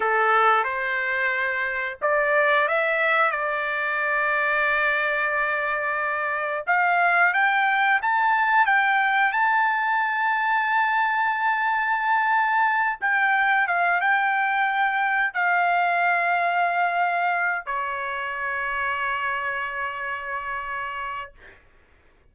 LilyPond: \new Staff \with { instrumentName = "trumpet" } { \time 4/4 \tempo 4 = 90 a'4 c''2 d''4 | e''4 d''2.~ | d''2 f''4 g''4 | a''4 g''4 a''2~ |
a''2.~ a''8 g''8~ | g''8 f''8 g''2 f''4~ | f''2~ f''8 cis''4.~ | cis''1 | }